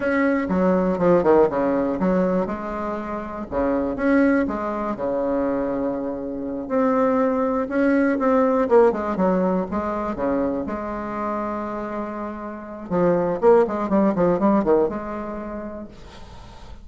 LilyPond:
\new Staff \with { instrumentName = "bassoon" } { \time 4/4 \tempo 4 = 121 cis'4 fis4 f8 dis8 cis4 | fis4 gis2 cis4 | cis'4 gis4 cis2~ | cis4. c'2 cis'8~ |
cis'8 c'4 ais8 gis8 fis4 gis8~ | gis8 cis4 gis2~ gis8~ | gis2 f4 ais8 gis8 | g8 f8 g8 dis8 gis2 | }